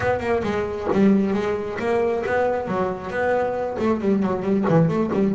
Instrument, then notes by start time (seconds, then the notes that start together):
double bass
0.00 B3
0.20 A#3
0.43 G#3
0.93 G3
1.33 G#3
1.79 A#3
2.26 B3
2.67 F#3
3.10 B3
3.78 A3
4.00 G3
4.22 F#3
4.42 G3
4.68 E3
4.88 A3
5.13 G3